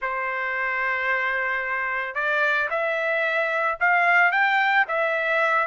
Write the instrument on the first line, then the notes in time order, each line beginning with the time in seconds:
trumpet
0.01 C5
2.14 D5
2.70 E5
3.80 F5
4.31 G5
4.87 E5